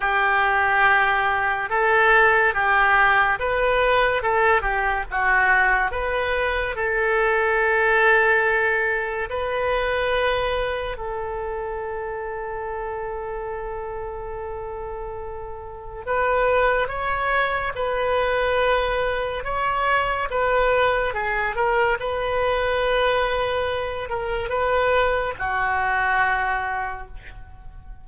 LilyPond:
\new Staff \with { instrumentName = "oboe" } { \time 4/4 \tempo 4 = 71 g'2 a'4 g'4 | b'4 a'8 g'8 fis'4 b'4 | a'2. b'4~ | b'4 a'2.~ |
a'2. b'4 | cis''4 b'2 cis''4 | b'4 gis'8 ais'8 b'2~ | b'8 ais'8 b'4 fis'2 | }